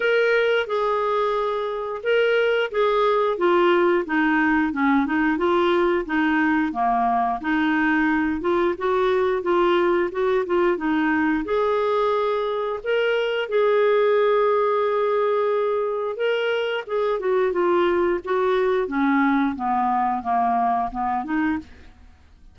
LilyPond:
\new Staff \with { instrumentName = "clarinet" } { \time 4/4 \tempo 4 = 89 ais'4 gis'2 ais'4 | gis'4 f'4 dis'4 cis'8 dis'8 | f'4 dis'4 ais4 dis'4~ | dis'8 f'8 fis'4 f'4 fis'8 f'8 |
dis'4 gis'2 ais'4 | gis'1 | ais'4 gis'8 fis'8 f'4 fis'4 | cis'4 b4 ais4 b8 dis'8 | }